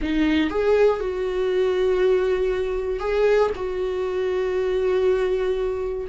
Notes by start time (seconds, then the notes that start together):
0.01 D#4
0.50 G#4
1.00 F#4
2.99 G#4
3.55 F#4